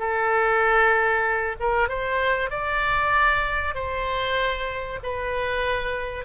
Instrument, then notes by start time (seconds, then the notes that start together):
oboe
0.00 A4
1.61 A#4
1.89 C5
2.51 D5
3.75 C5
5.03 B4